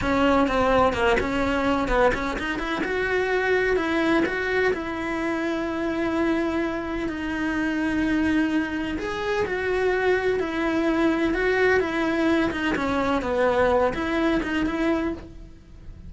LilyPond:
\new Staff \with { instrumentName = "cello" } { \time 4/4 \tempo 4 = 127 cis'4 c'4 ais8 cis'4. | b8 cis'8 dis'8 e'8 fis'2 | e'4 fis'4 e'2~ | e'2. dis'4~ |
dis'2. gis'4 | fis'2 e'2 | fis'4 e'4. dis'8 cis'4 | b4. e'4 dis'8 e'4 | }